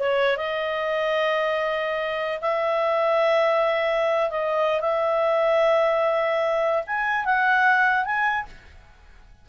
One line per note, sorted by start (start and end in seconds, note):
0.00 0.37 C#5
0.37 2.40 D#5
2.41 4.31 E5
4.31 4.81 D#5
4.81 6.84 E5
6.87 7.25 G#5
7.25 8.05 F#5
8.05 8.46 G#5